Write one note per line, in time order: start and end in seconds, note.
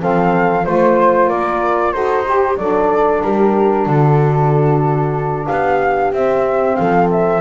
0.00 0.67 F3
0.00 0.65 C4
0.00 0.65 A4
0.00 0.65 F5
0.65 1.30 A3
0.65 1.94 F4
0.65 1.28 C5
0.65 1.30 C5
1.28 1.94 A#3
1.28 1.92 A#4
1.28 1.93 D5
1.93 2.57 D#4
1.93 2.25 F#4
1.93 2.27 A4
1.93 2.57 C5
2.25 2.57 G4
2.25 2.60 G4
2.57 3.22 F#3
2.57 6.14 D4
2.57 3.24 A4
2.57 3.22 D5
3.23 3.86 G3
3.23 3.86 G4
3.23 3.87 A#4
3.86 5.48 D3
3.86 5.47 F#4
3.86 5.47 A4
5.47 6.13 B3
5.47 6.78 G4
5.47 6.12 F5
6.13 6.77 C4
6.13 7.42 C4
6.13 6.76 E5
6.76 7.42 F3
6.76 7.42 A4
6.76 7.08 F5
7.12 7.42 E5